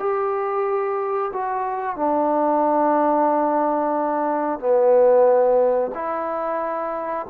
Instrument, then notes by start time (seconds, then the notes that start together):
trombone
0.00 G4
1.33 F#4
1.97 D4
4.60 B3
5.95 E4